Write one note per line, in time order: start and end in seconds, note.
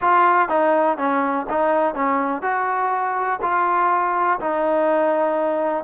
0.01 0.48 F4
0.48 0.97 D#4
0.97 1.46 C#4
1.49 1.94 D#4
1.94 2.42 C#4
2.42 3.39 F#4
3.41 4.39 F4
4.40 5.84 D#4